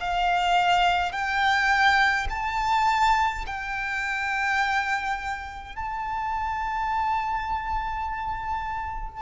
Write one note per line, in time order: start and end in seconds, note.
0.00 1.12 F5
1.12 2.27 G5
2.30 3.45 A5
3.47 5.76 G5
5.76 9.22 A5